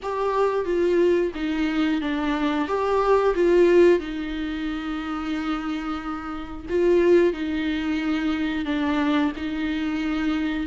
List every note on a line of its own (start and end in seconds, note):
0.02 0.65 G4
0.65 1.32 F4
1.35 2.01 D#4
2.01 2.68 D4
2.68 3.34 G4
3.35 3.99 F4
3.99 6.66 D#4
6.69 7.33 F4
7.33 8.65 D#4
8.65 9.32 D4
9.36 10.67 D#4